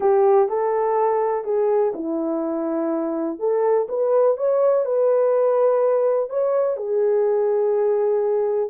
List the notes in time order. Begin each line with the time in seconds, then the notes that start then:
0.00 G4
0.48 A4
1.44 G#4
1.94 E4
3.39 A4
3.88 B4
4.37 C#5
4.85 B4
6.29 C#5
6.77 G#4